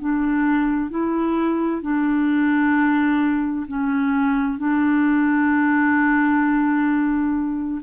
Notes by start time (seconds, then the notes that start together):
0.00 D4
0.90 E4
1.82 D4
3.67 C#4
4.58 D4